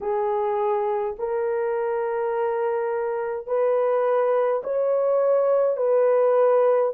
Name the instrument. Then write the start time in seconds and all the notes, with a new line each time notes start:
horn
0.01 G#4
1.19 A#4
3.46 B4
4.63 C#5
5.76 B4